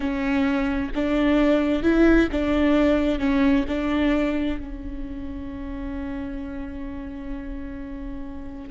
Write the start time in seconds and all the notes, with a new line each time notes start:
0.00 C#4
0.94 D4
1.83 E4
2.31 D4
3.19 C#4
3.68 D4
4.59 C#4